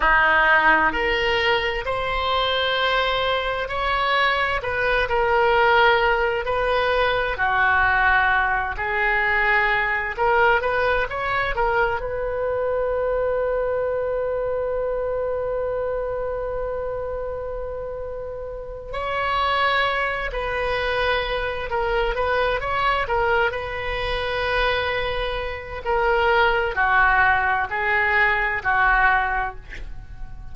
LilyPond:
\new Staff \with { instrumentName = "oboe" } { \time 4/4 \tempo 4 = 65 dis'4 ais'4 c''2 | cis''4 b'8 ais'4. b'4 | fis'4. gis'4. ais'8 b'8 | cis''8 ais'8 b'2.~ |
b'1~ | b'8 cis''4. b'4. ais'8 | b'8 cis''8 ais'8 b'2~ b'8 | ais'4 fis'4 gis'4 fis'4 | }